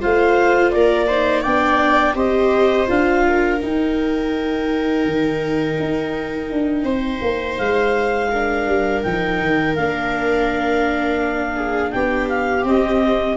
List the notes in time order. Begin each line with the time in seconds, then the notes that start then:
0.00 A3 F4 C5 F5
0.71 A#3 A#4 D5
1.08 D#4 C5
1.42 B3 D4 D5 G5
2.15 C4 G4 C5 D#5
2.87 D4 F4 F5
3.28 A#4
3.60 D#4 G5
5.06 D#3
5.80 D#4
6.52 D4
6.84 C4 C5
7.22 A#3
7.58 G#3 F5
8.31 D4 A#4
8.67 G3
9.03 F3 D#4 G5
9.41 D#3
9.75 A#3 D4 F5
11.56 G#4
11.92 B3 G4 G5
12.29 F5
12.64 C4 D#5